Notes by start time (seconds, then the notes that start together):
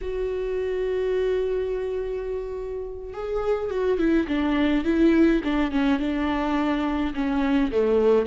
0.01 F#4
3.13 G#4
3.70 F#4
3.98 E4
4.27 D4
4.84 E4
5.44 D4
5.71 C#4
5.99 D4
7.14 C#4
7.71 A3